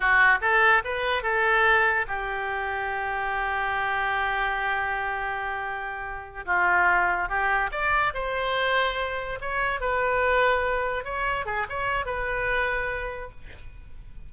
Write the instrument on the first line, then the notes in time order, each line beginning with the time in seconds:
oboe
0.00 F#4
0.41 A4
0.84 B4
1.22 A4
2.07 G4
6.45 F4
7.28 G4
7.71 D5
8.14 C5
9.41 C#5
9.80 B4
11.04 C#5
11.45 G#4
11.69 C#5
12.05 B4